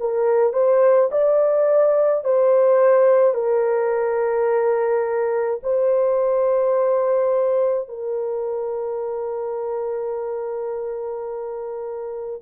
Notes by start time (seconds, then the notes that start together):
0.00 A#4
0.54 C5
1.12 D5
2.24 C5
3.34 A#4
5.63 C5
7.89 A#4